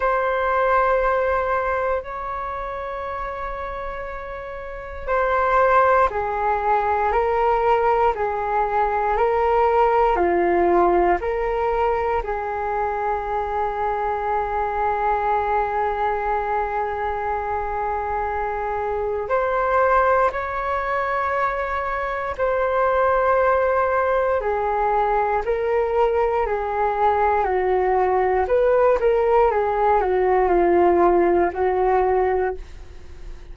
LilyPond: \new Staff \with { instrumentName = "flute" } { \time 4/4 \tempo 4 = 59 c''2 cis''2~ | cis''4 c''4 gis'4 ais'4 | gis'4 ais'4 f'4 ais'4 | gis'1~ |
gis'2. c''4 | cis''2 c''2 | gis'4 ais'4 gis'4 fis'4 | b'8 ais'8 gis'8 fis'8 f'4 fis'4 | }